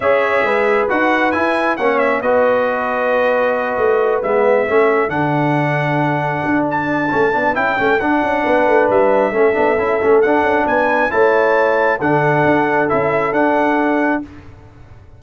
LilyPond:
<<
  \new Staff \with { instrumentName = "trumpet" } { \time 4/4 \tempo 4 = 135 e''2 fis''4 gis''4 | fis''8 e''8 dis''2.~ | dis''4. e''2 fis''8~ | fis''2. a''4~ |
a''4 g''4 fis''2 | e''2. fis''4 | gis''4 a''2 fis''4~ | fis''4 e''4 fis''2 | }
  \new Staff \with { instrumentName = "horn" } { \time 4/4 cis''4 b'2. | cis''4 b'2.~ | b'2~ b'8 a'4.~ | a'1~ |
a'2. b'4~ | b'4 a'2. | b'4 cis''2 a'4~ | a'1 | }
  \new Staff \with { instrumentName = "trombone" } { \time 4/4 gis'2 fis'4 e'4 | cis'4 fis'2.~ | fis'4. b4 cis'4 d'8~ | d'1 |
cis'8 d'8 e'8 cis'8 d'2~ | d'4 cis'8 d'8 e'8 cis'8 d'4~ | d'4 e'2 d'4~ | d'4 e'4 d'2 | }
  \new Staff \with { instrumentName = "tuba" } { \time 4/4 cis'4 gis4 dis'4 e'4 | ais4 b2.~ | b8 a4 gis4 a4 d8~ | d2~ d8 d'4. |
a8 b8 cis'8 a8 d'8 cis'8 b8 a8 | g4 a8 b8 cis'8 a8 d'8 cis'8 | b4 a2 d4 | d'4 cis'4 d'2 | }
>>